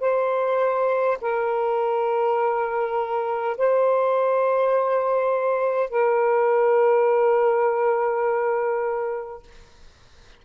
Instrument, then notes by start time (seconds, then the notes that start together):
saxophone
0.00 C5
1.21 A#4
3.57 C5
5.90 A#4